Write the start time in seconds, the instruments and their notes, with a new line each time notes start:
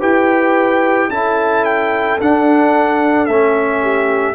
0.00 tuba E4, trombone G4, horn B4, trumpet G5
1.08 tuba C#4, trombone E4, horn A4, trumpet A5
1.65 trumpet G5
2.20 trombone D4, tuba D4, trumpet F#5
3.26 tuba A3, trombone C#4, trumpet E5
3.82 horn G4